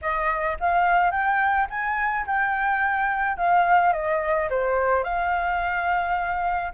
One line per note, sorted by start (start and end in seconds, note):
0.01 0.57 D#5
0.60 1.11 F5
1.11 1.67 G5
1.69 2.26 G#5
2.26 3.37 G5
3.37 3.93 F5
3.93 4.49 D#5
4.50 5.03 C5
5.03 6.72 F5